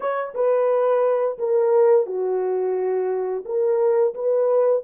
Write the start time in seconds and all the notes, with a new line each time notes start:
0.00 C#5
0.34 B4
1.38 A#4
2.06 F#4
3.45 A#4
4.14 B4